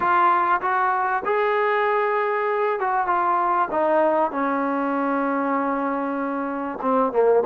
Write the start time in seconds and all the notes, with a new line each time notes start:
0.00 F4
0.61 F#4
1.25 G#4
2.79 F#4
3.06 F4
3.71 D#4
4.31 C#4
6.81 C4
7.12 A#3